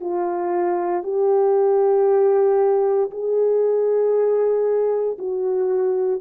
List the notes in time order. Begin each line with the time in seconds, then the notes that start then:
0.00 F4
1.03 G4
3.10 G#4
5.18 F#4